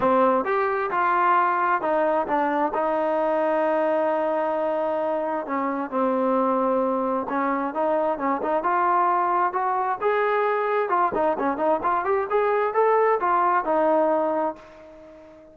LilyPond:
\new Staff \with { instrumentName = "trombone" } { \time 4/4 \tempo 4 = 132 c'4 g'4 f'2 | dis'4 d'4 dis'2~ | dis'1 | cis'4 c'2. |
cis'4 dis'4 cis'8 dis'8 f'4~ | f'4 fis'4 gis'2 | f'8 dis'8 cis'8 dis'8 f'8 g'8 gis'4 | a'4 f'4 dis'2 | }